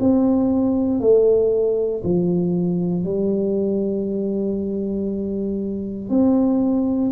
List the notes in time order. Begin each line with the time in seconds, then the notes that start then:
0.00 C4
1.01 A3
2.04 F3
3.05 G3
6.10 C4